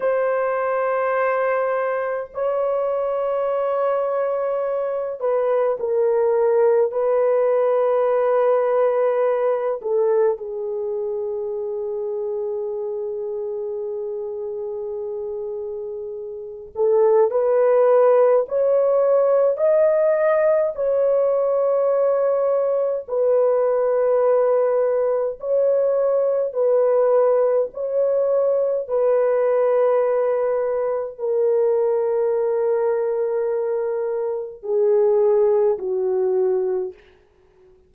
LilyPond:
\new Staff \with { instrumentName = "horn" } { \time 4/4 \tempo 4 = 52 c''2 cis''2~ | cis''8 b'8 ais'4 b'2~ | b'8 a'8 gis'2.~ | gis'2~ gis'8 a'8 b'4 |
cis''4 dis''4 cis''2 | b'2 cis''4 b'4 | cis''4 b'2 ais'4~ | ais'2 gis'4 fis'4 | }